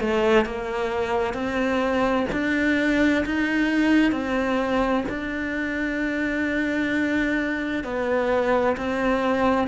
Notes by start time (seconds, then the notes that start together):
0.00 A3
0.45 A#3
1.34 C4
2.32 D4
3.25 D#4
4.12 C4
5.09 D4
7.84 B3
8.77 C4